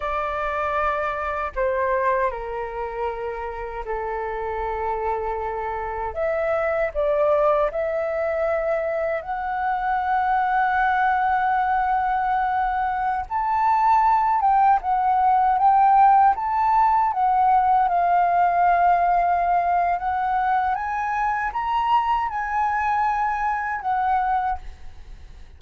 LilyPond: \new Staff \with { instrumentName = "flute" } { \time 4/4 \tempo 4 = 78 d''2 c''4 ais'4~ | ais'4 a'2. | e''4 d''4 e''2 | fis''1~ |
fis''4~ fis''16 a''4. g''8 fis''8.~ | fis''16 g''4 a''4 fis''4 f''8.~ | f''2 fis''4 gis''4 | ais''4 gis''2 fis''4 | }